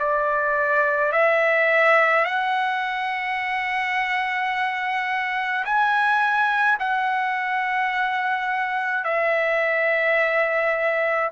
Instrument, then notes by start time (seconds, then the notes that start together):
trumpet
0.00 D5
1.13 E5
2.25 F#5
5.66 G#5
6.80 F#5
9.05 E5